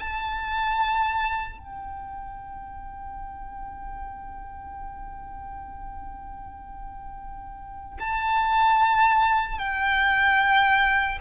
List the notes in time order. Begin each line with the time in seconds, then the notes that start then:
0.00 A5
1.59 G5
8.00 A5
9.59 G5